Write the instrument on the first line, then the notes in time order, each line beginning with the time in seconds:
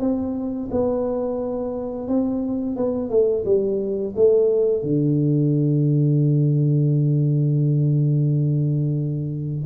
tuba
0.00 C4
0.71 B3
2.08 C4
2.76 B3
3.10 A3
3.45 G3
4.16 A3
4.83 D3